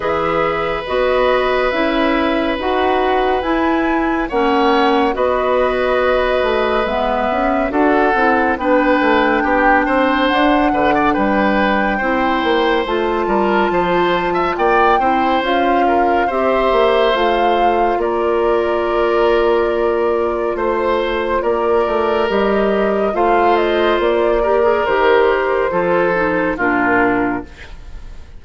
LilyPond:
<<
  \new Staff \with { instrumentName = "flute" } { \time 4/4 \tempo 4 = 70 e''4 dis''4 e''4 fis''4 | gis''4 fis''4 dis''2 | e''4 fis''4 g''2 | fis''4 g''2 a''4~ |
a''4 g''4 f''4 e''4 | f''4 d''2. | c''4 d''4 dis''4 f''8 dis''8 | d''4 c''2 ais'4 | }
  \new Staff \with { instrumentName = "oboe" } { \time 4/4 b'1~ | b'4 cis''4 b'2~ | b'4 a'4 b'4 g'8 c''8~ | c''8 b'16 d''16 b'4 c''4. ais'8 |
c''8. e''16 d''8 c''4 ais'8 c''4~ | c''4 ais'2. | c''4 ais'2 c''4~ | c''8 ais'4. a'4 f'4 | }
  \new Staff \with { instrumentName = "clarinet" } { \time 4/4 gis'4 fis'4 e'4 fis'4 | e'4 cis'4 fis'2 | b4 fis'8 e'8 d'2~ | d'2 e'4 f'4~ |
f'4. e'8 f'4 g'4 | f'1~ | f'2 g'4 f'4~ | f'8 g'16 gis'16 g'4 f'8 dis'8 d'4 | }
  \new Staff \with { instrumentName = "bassoon" } { \time 4/4 e4 b4 cis'4 dis'4 | e'4 ais4 b4. a8 | gis8 cis'8 d'8 c'8 b8 a8 b8 c'8 | d'8 d8 g4 c'8 ais8 a8 g8 |
f4 ais8 c'8 cis'4 c'8 ais8 | a4 ais2. | a4 ais8 a8 g4 a4 | ais4 dis4 f4 ais,4 | }
>>